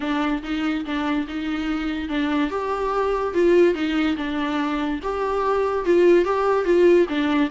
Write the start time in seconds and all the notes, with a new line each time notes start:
0.00 D4
0.43 D#4
0.85 D4
1.27 D#4
2.08 D4
2.50 G4
3.33 F4
3.74 D#4
4.16 D4
5.02 G4
5.85 F4
6.24 G4
6.65 F4
7.08 D4